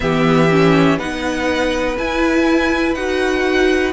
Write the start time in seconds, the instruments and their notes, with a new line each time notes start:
0.00 cello E3, viola B3, violin G4 E5
0.50 viola C#4
0.98 cello B3, viola D#4, violin B4 F#5
1.97 viola E4, cello E4, violin G#5
2.94 cello D#4, viola F#4, violin F#5